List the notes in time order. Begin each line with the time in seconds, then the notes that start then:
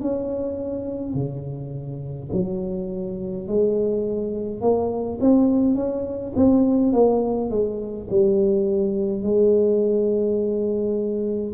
0.00 C#4
1.14 C#3
2.32 F#3
3.47 G#3
4.61 A#3
5.20 C4
5.75 C#4
6.36 C4
6.92 A#3
7.50 G#3
8.10 G3
9.23 G#3